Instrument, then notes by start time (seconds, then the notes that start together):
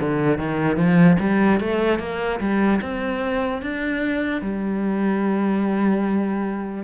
cello
0.00 D3
0.38 D#3
0.76 F3
1.19 G3
1.60 A3
1.99 A#3
2.40 G3
2.82 C4
3.62 D4
4.42 G3